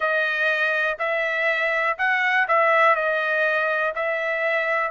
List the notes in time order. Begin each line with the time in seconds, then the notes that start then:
0.00 D#5
0.98 E5
1.98 F#5
2.48 E5
2.95 D#5
3.95 E5